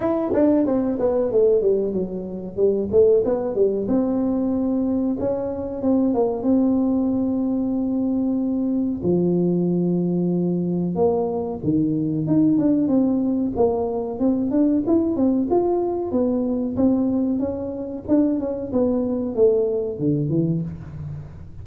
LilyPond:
\new Staff \with { instrumentName = "tuba" } { \time 4/4 \tempo 4 = 93 e'8 d'8 c'8 b8 a8 g8 fis4 | g8 a8 b8 g8 c'2 | cis'4 c'8 ais8 c'2~ | c'2 f2~ |
f4 ais4 dis4 dis'8 d'8 | c'4 ais4 c'8 d'8 e'8 c'8 | f'4 b4 c'4 cis'4 | d'8 cis'8 b4 a4 d8 e8 | }